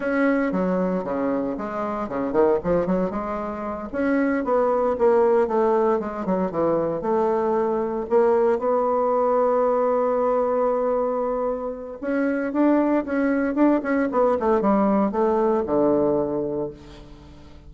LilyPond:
\new Staff \with { instrumentName = "bassoon" } { \time 4/4 \tempo 4 = 115 cis'4 fis4 cis4 gis4 | cis8 dis8 f8 fis8 gis4. cis'8~ | cis'8 b4 ais4 a4 gis8 | fis8 e4 a2 ais8~ |
ais8 b2.~ b8~ | b2. cis'4 | d'4 cis'4 d'8 cis'8 b8 a8 | g4 a4 d2 | }